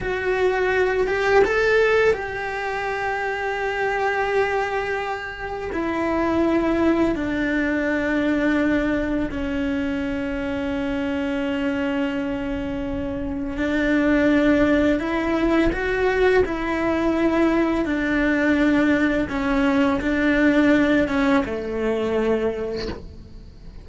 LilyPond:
\new Staff \with { instrumentName = "cello" } { \time 4/4 \tempo 4 = 84 fis'4. g'8 a'4 g'4~ | g'1 | e'2 d'2~ | d'4 cis'2.~ |
cis'2. d'4~ | d'4 e'4 fis'4 e'4~ | e'4 d'2 cis'4 | d'4. cis'8 a2 | }